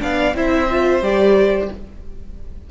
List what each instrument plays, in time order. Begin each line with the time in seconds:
0.00 cello B3, viola D4, violin D5 F5
0.34 cello C4, viola E4, violin C5 E5
0.70 viola F4
1.01 cello G3, viola G4, violin D5